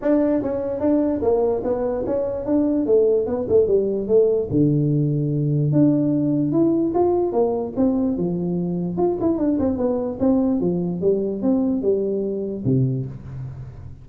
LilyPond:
\new Staff \with { instrumentName = "tuba" } { \time 4/4 \tempo 4 = 147 d'4 cis'4 d'4 ais4 | b4 cis'4 d'4 a4 | b8 a8 g4 a4 d4~ | d2 d'2 |
e'4 f'4 ais4 c'4 | f2 f'8 e'8 d'8 c'8 | b4 c'4 f4 g4 | c'4 g2 c4 | }